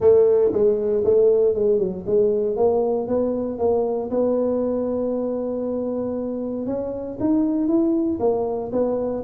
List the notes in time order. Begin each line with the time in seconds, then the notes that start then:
0.00 A3
0.52 G#3
1.04 A3
1.55 G#3
1.78 F#3
2.06 G#3
2.56 A#3
3.07 B3
3.58 A#3
4.10 B3
6.66 C#4
7.20 D#4
7.67 E4
8.19 A#3
8.72 B3